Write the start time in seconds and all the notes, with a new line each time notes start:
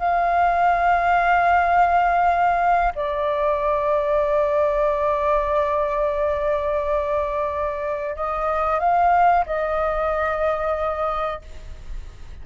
0.00 F5
2.96 D5
8.16 D#5
8.80 F5
9.47 D#5